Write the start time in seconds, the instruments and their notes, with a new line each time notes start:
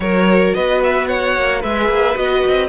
0.00 cello F#3, viola F#4, violin A#4 C#5
0.54 cello B3, violin B4 D#5
0.83 violin E5
1.07 violin C#5 F#5
1.37 cello A#3
1.60 cello G#3, viola G#4, violin B4 E5
1.88 cello A#3
2.14 cello B3, viola F#4, violin D#5
2.47 cello C4